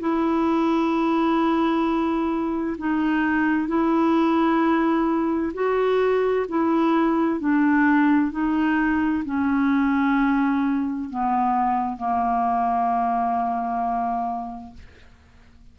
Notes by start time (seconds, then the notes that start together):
0.00 E4
2.78 D#4
3.68 E4
5.54 F#4
6.49 E4
7.40 D4
8.32 D#4
9.25 C#4
11.10 B3
11.97 A#3